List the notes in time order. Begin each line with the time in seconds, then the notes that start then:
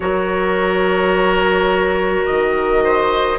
0.00 F#3 F#4 A#4 C#5
2.25 D#3 D#5
2.83 C5